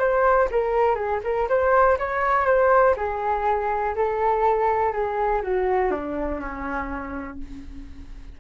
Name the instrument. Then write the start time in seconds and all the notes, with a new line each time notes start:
flute
0.00 C5
0.51 A#4
0.95 G#4
1.24 A#4
1.49 C5
1.99 C#5
2.46 C5
2.97 G#4
3.96 A4
4.93 G#4
5.43 F#4
5.92 D4
6.41 C#4